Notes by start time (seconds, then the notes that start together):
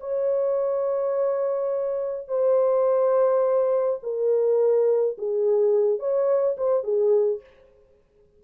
0.00 C#5
2.28 C5
4.03 A#4
5.18 G#4
5.99 C#5
6.57 C5
6.83 G#4